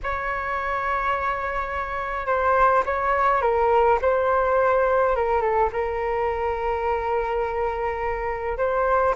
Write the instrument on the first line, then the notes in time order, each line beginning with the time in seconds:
flute
0.03 C#5
2.26 C5
2.85 C#5
3.41 A#4
4.01 C5
5.15 A#4
5.41 A4
5.72 A#4
8.57 C5